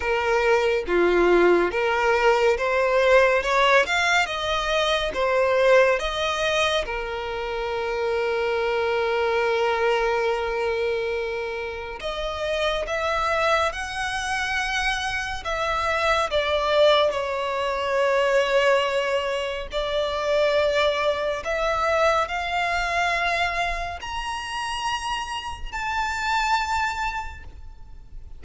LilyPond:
\new Staff \with { instrumentName = "violin" } { \time 4/4 \tempo 4 = 70 ais'4 f'4 ais'4 c''4 | cis''8 f''8 dis''4 c''4 dis''4 | ais'1~ | ais'2 dis''4 e''4 |
fis''2 e''4 d''4 | cis''2. d''4~ | d''4 e''4 f''2 | ais''2 a''2 | }